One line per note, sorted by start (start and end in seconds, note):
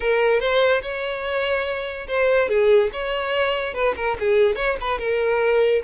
0.00 0.40 A#4
0.40 0.81 C5
0.82 2.07 C#5
2.07 2.48 C5
2.48 2.90 G#4
2.92 3.73 C#5
3.73 3.94 B4
3.96 4.17 A#4
4.19 4.55 G#4
4.55 4.76 C#5
4.80 4.98 B4
4.98 5.82 A#4